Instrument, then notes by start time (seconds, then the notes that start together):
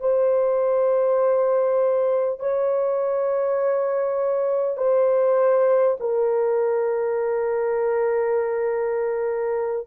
horn
0.00 C5
2.40 C#5
4.77 C5
6.00 A#4